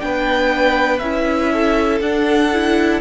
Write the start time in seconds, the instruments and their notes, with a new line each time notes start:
0.00 cello B3, viola D4, violin B4 G5
0.99 cello C#4, viola E4, violin E5
1.52 violin A4
2.00 cello D4, viola D4, violin F#5
2.52 viola E4